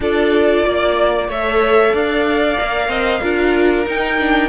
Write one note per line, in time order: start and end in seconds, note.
0.00 0.63 D4
0.00 1.30 F4
0.00 0.65 A4
0.00 1.30 D5
0.65 1.28 A#3
0.65 1.28 D5
1.28 1.93 A3
1.28 2.59 A4
1.28 1.93 C#5
1.28 1.95 E5
1.93 2.58 D4
1.93 2.89 D5
1.93 3.88 F5
2.59 2.88 A#3
2.59 3.21 A#4
2.88 3.20 C4
2.88 3.21 D#5
3.21 3.86 D4
3.21 3.85 F4
3.21 4.49 A#4
3.85 4.18 D#4
3.85 4.49 D#4
3.85 4.49 G5
4.18 4.49 D4